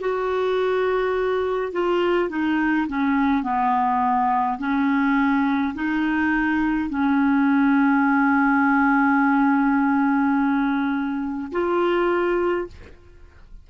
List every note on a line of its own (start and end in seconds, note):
0.00 1.73 F#4
1.73 2.30 F4
2.30 2.87 D#4
2.88 3.44 C#4
3.44 4.59 B3
4.59 5.74 C#4
5.75 6.90 D#4
6.90 11.52 C#4
11.52 12.68 F4